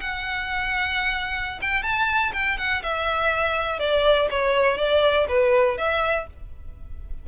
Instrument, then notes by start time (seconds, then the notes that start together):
violin
0.00 F#5
1.61 G5
1.83 A5
2.33 G5
2.57 F#5
2.83 E5
3.79 D5
4.30 C#5
4.77 D5
5.28 B4
5.77 E5